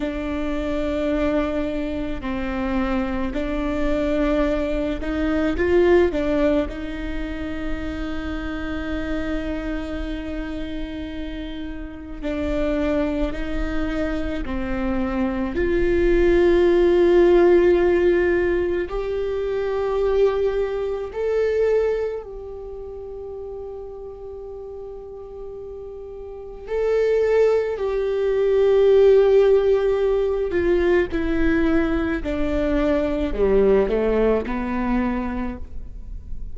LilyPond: \new Staff \with { instrumentName = "viola" } { \time 4/4 \tempo 4 = 54 d'2 c'4 d'4~ | d'8 dis'8 f'8 d'8 dis'2~ | dis'2. d'4 | dis'4 c'4 f'2~ |
f'4 g'2 a'4 | g'1 | a'4 g'2~ g'8 f'8 | e'4 d'4 g8 a8 b4 | }